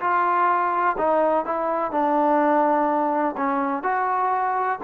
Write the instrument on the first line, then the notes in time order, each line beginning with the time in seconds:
trombone
0.00 F4
0.98 D#4
1.45 E4
1.91 D4
3.37 C#4
3.83 F#4